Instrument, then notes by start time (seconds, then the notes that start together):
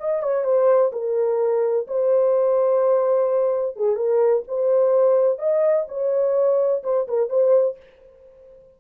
horn
0.00 D#5
0.23 C#5
0.44 C5
0.93 A#4
1.88 C5
3.76 G#4
3.96 A#4
4.48 C5
5.39 D#5
5.88 C#5
6.84 C5
7.08 A#4
7.29 C5